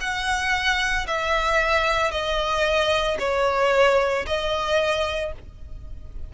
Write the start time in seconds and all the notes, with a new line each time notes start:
0.00 F#5
1.07 E5
2.11 D#5
3.19 C#5
4.26 D#5